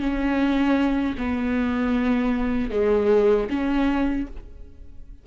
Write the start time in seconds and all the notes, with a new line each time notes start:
0.00 C#4
1.18 B3
2.71 G#3
3.50 C#4